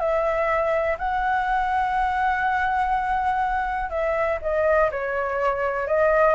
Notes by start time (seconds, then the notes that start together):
0.00 E5
0.99 F#5
3.90 E5
4.42 D#5
4.92 C#5
5.88 D#5